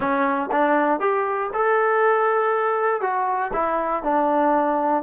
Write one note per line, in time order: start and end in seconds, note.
0.00 0.49 C#4
0.51 0.99 D4
0.99 1.50 G4
1.53 3.01 A4
3.01 3.51 F#4
3.53 4.03 E4
4.03 5.03 D4